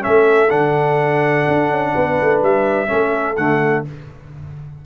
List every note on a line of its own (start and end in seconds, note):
0.00 0.51 A3
0.00 0.48 C#4
0.00 1.93 A4
0.00 0.50 E5
0.49 1.46 D3
0.49 2.87 D4
0.49 2.40 F#5
1.47 1.69 D4
1.69 1.93 C#4
1.93 2.19 B3
1.93 2.88 B4
2.21 2.42 A3
2.42 2.89 G3
2.42 3.36 E5
2.87 3.37 A3
2.87 3.34 C#4
2.87 3.84 A4
3.36 3.85 D3
3.36 3.85 A3
3.36 3.83 F#5